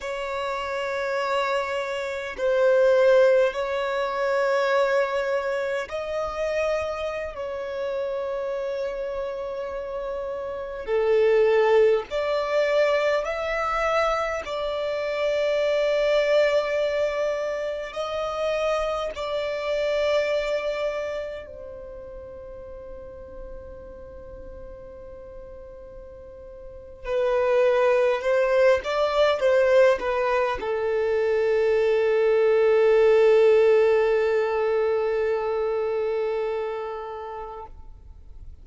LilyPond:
\new Staff \with { instrumentName = "violin" } { \time 4/4 \tempo 4 = 51 cis''2 c''4 cis''4~ | cis''4 dis''4~ dis''16 cis''4.~ cis''16~ | cis''4~ cis''16 a'4 d''4 e''8.~ | e''16 d''2. dis''8.~ |
dis''16 d''2 c''4.~ c''16~ | c''2. b'4 | c''8 d''8 c''8 b'8 a'2~ | a'1 | }